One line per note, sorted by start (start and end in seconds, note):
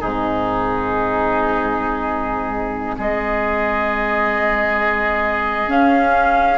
0.00 2.97 G#2
0.00 5.67 C4
0.00 2.95 D#4
0.00 2.96 G#4
2.97 5.67 G#3
2.97 6.58 G#4
2.97 5.70 D#5
5.67 6.58 C#4
5.67 6.58 F5